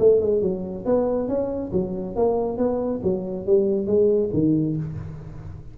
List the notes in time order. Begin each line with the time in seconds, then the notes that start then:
0.00 A3
0.22 G#3
0.42 F#3
0.86 B3
1.29 C#4
1.73 F#3
2.16 A#3
2.58 B3
3.04 F#3
3.47 G3
3.87 G#3
4.34 D#3